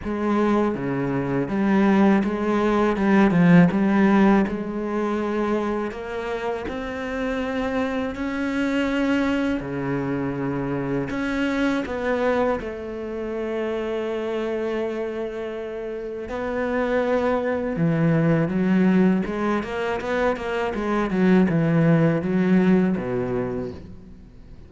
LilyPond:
\new Staff \with { instrumentName = "cello" } { \time 4/4 \tempo 4 = 81 gis4 cis4 g4 gis4 | g8 f8 g4 gis2 | ais4 c'2 cis'4~ | cis'4 cis2 cis'4 |
b4 a2.~ | a2 b2 | e4 fis4 gis8 ais8 b8 ais8 | gis8 fis8 e4 fis4 b,4 | }